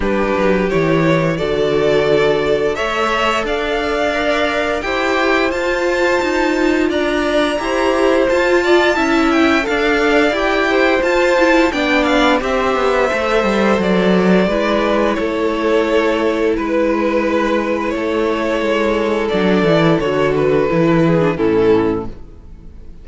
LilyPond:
<<
  \new Staff \with { instrumentName = "violin" } { \time 4/4 \tempo 4 = 87 b'4 cis''4 d''2 | e''4 f''2 g''4 | a''2 ais''2 | a''4. g''8 f''4 g''4 |
a''4 g''8 f''8 e''2 | d''2 cis''2 | b'2 cis''2 | d''4 cis''8 b'4. a'4 | }
  \new Staff \with { instrumentName = "violin" } { \time 4/4 g'2 a'2 | cis''4 d''2 c''4~ | c''2 d''4 c''4~ | c''8 d''8 e''4 d''4. c''8~ |
c''4 d''4 c''2~ | c''4 b'4 a'2 | b'2 a'2~ | a'2~ a'8 gis'8 e'4 | }
  \new Staff \with { instrumentName = "viola" } { \time 4/4 d'4 e'4 fis'2 | a'2 ais'4 g'4 | f'2. g'4 | f'4 e'4 a'4 g'4 |
f'8 e'8 d'4 g'4 a'4~ | a'4 e'2.~ | e'1 | d'8 e'8 fis'4 e'8. d'16 cis'4 | }
  \new Staff \with { instrumentName = "cello" } { \time 4/4 g8 fis8 e4 d2 | a4 d'2 e'4 | f'4 dis'4 d'4 e'4 | f'4 cis'4 d'4 e'4 |
f'4 b4 c'8 b8 a8 g8 | fis4 gis4 a2 | gis2 a4 gis4 | fis8 e8 d4 e4 a,4 | }
>>